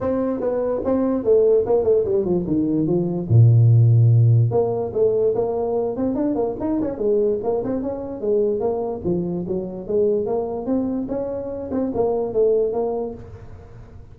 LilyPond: \new Staff \with { instrumentName = "tuba" } { \time 4/4 \tempo 4 = 146 c'4 b4 c'4 a4 | ais8 a8 g8 f8 dis4 f4 | ais,2. ais4 | a4 ais4. c'8 d'8 ais8 |
dis'8 cis'8 gis4 ais8 c'8 cis'4 | gis4 ais4 f4 fis4 | gis4 ais4 c'4 cis'4~ | cis'8 c'8 ais4 a4 ais4 | }